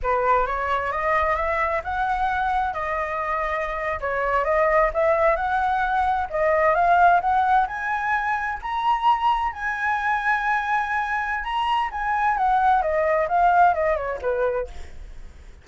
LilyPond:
\new Staff \with { instrumentName = "flute" } { \time 4/4 \tempo 4 = 131 b'4 cis''4 dis''4 e''4 | fis''2 dis''2~ | dis''8. cis''4 dis''4 e''4 fis''16~ | fis''4.~ fis''16 dis''4 f''4 fis''16~ |
fis''8. gis''2 ais''4~ ais''16~ | ais''8. gis''2.~ gis''16~ | gis''4 ais''4 gis''4 fis''4 | dis''4 f''4 dis''8 cis''8 b'4 | }